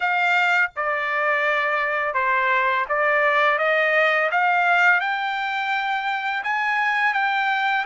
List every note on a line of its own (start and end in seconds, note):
0.00 0.70 F5
0.75 2.14 D5
2.14 2.85 C5
2.89 3.58 D5
3.58 4.30 D#5
4.31 5.00 F5
5.00 6.43 G5
6.43 7.13 G#5
7.13 7.85 G5